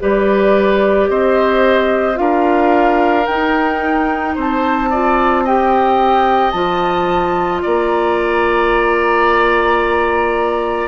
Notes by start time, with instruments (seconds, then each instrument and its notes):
0.00 bassoon G3, clarinet G4, oboe B4, flute D5
1.09 bassoon C4, oboe C5, flute D#5
2.15 bassoon D4, clarinet F4, oboe A#4, flute F5
3.26 bassoon D#4, clarinet D#4, flute G5
4.35 bassoon C4, oboe C5, flute A5
4.90 clarinet F4, oboe D5
5.44 clarinet G4, oboe D#5, flute G5
6.51 bassoon F3, clarinet F4, flute A5
7.63 bassoon A#3, oboe D5, flute A#5